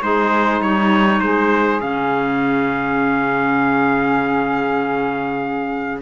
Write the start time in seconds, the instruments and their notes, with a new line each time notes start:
0.00 cello G#3, saxophone D#4, clarinet G#4, trumpet C5
0.61 cello G3, clarinet D#4, trumpet C#5
1.20 cello G#3, saxophone G#4, trumpet C5
1.80 cello C#3, clarinet C#4, trumpet F5